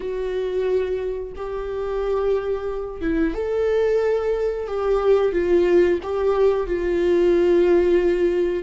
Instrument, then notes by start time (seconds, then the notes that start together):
viola
0.00 F#4
1.35 G4
3.01 E4
3.34 A4
4.67 G4
5.32 F4
6.02 G4
6.67 F4